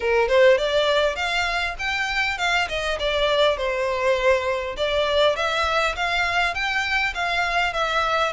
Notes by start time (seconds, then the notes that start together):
0.00 A#4
0.28 C5
0.57 D5
1.15 F5
1.78 G5
2.38 F5
2.68 D#5
2.99 D5
3.57 C5
4.76 D5
5.35 E5
5.95 F5
6.54 G5
7.14 F5
7.73 E5